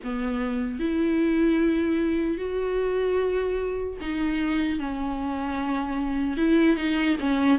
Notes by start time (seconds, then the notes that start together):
0.03 B3
0.79 E4
2.37 F#4
4.00 D#4
4.79 C#4
6.37 E4
6.76 D#4
7.20 C#4